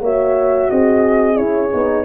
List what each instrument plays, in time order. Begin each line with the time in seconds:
0.00 tuba A#3, horn F#4 C#5, flute E5
0.69 tuba C4, horn G#4, flute D#5
1.35 tuba C#4, horn E4, flute C#5
1.72 tuba B3, horn D#4